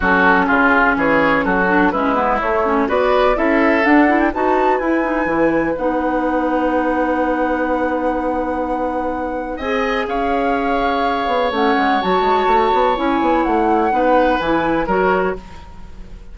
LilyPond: <<
  \new Staff \with { instrumentName = "flute" } { \time 4/4 \tempo 4 = 125 a'4 gis'4 cis''4 a'4 | b'4 cis''4 d''4 e''4 | fis''8. g''16 a''4 gis''2 | fis''1~ |
fis''1 | gis''4 f''2. | fis''4 a''2 gis''4 | fis''2 gis''4 cis''4 | }
  \new Staff \with { instrumentName = "oboe" } { \time 4/4 fis'4 f'4 gis'4 fis'4 | e'2 b'4 a'4~ | a'4 b'2.~ | b'1~ |
b'1 | dis''4 cis''2.~ | cis''1~ | cis''4 b'2 ais'4 | }
  \new Staff \with { instrumentName = "clarinet" } { \time 4/4 cis'2.~ cis'8 d'8 | cis'8 b8 a8 cis'8 fis'4 e'4 | d'8 e'8 fis'4 e'8 dis'8 e'4 | dis'1~ |
dis'1 | gis'1 | cis'4 fis'2 e'4~ | e'4 dis'4 e'4 fis'4 | }
  \new Staff \with { instrumentName = "bassoon" } { \time 4/4 fis4 cis4 e4 fis4 | gis4 a4 b4 cis'4 | d'4 dis'4 e'4 e4 | b1~ |
b1 | c'4 cis'2~ cis'8 b8 | a8 gis8 fis8 gis8 a8 b8 cis'8 b8 | a4 b4 e4 fis4 | }
>>